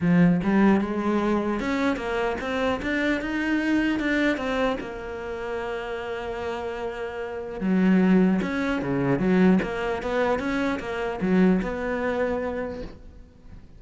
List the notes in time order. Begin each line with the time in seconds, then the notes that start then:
0.00 F3
0.43 G3
0.80 G#3
1.60 C#4
1.96 A#3
2.40 C4
2.82 D4
3.21 D#4
3.99 D4
4.37 C4
4.80 A#3
7.60 F#3
8.42 C#4
8.82 C#3
9.19 F#3
9.62 A#3
10.02 B3
10.39 C#4
10.79 A#3
11.21 F#3
11.62 B3